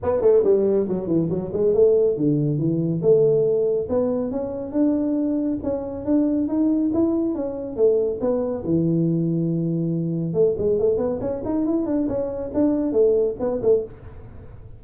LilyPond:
\new Staff \with { instrumentName = "tuba" } { \time 4/4 \tempo 4 = 139 b8 a8 g4 fis8 e8 fis8 gis8 | a4 d4 e4 a4~ | a4 b4 cis'4 d'4~ | d'4 cis'4 d'4 dis'4 |
e'4 cis'4 a4 b4 | e1 | a8 gis8 a8 b8 cis'8 dis'8 e'8 d'8 | cis'4 d'4 a4 b8 a8 | }